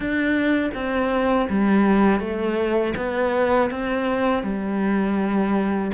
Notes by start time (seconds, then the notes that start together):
0.00 D4
0.74 C4
1.49 G3
2.20 A3
2.96 B3
3.70 C4
4.43 G3